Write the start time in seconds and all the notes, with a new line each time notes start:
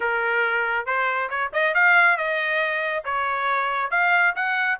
0.00 A#4
0.85 C5
1.29 C#5
1.52 D#5
1.74 F5
2.17 D#5
3.04 C#5
3.91 F5
4.35 F#5